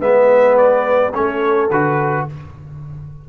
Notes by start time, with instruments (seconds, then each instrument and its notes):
0.00 tuba G#3, trombone B3, horn B4, trumpet E5
0.57 trumpet D5
1.13 tuba A3, trombone C#4, horn A4, trumpet C#5
1.71 tuba D3, trombone F#4, trumpet B4